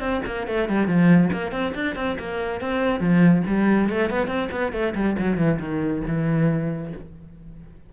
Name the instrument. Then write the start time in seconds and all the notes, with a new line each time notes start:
cello
0.00 C4
0.26 A#3
0.48 A3
0.69 G3
0.87 F3
1.33 A#3
1.52 C4
1.75 D4
1.96 C4
2.19 A#3
2.61 C4
3.00 F3
3.47 G3
3.90 A3
4.10 B3
4.28 C4
4.52 B3
4.73 A3
4.95 G3
5.19 F#3
5.38 E3
5.60 D#3
6.07 E3